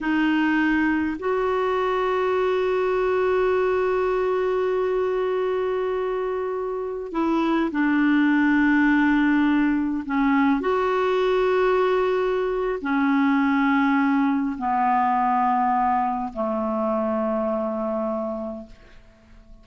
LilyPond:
\new Staff \with { instrumentName = "clarinet" } { \time 4/4 \tempo 4 = 103 dis'2 fis'2~ | fis'1~ | fis'1~ | fis'16 e'4 d'2~ d'8.~ |
d'4~ d'16 cis'4 fis'4.~ fis'16~ | fis'2 cis'2~ | cis'4 b2. | a1 | }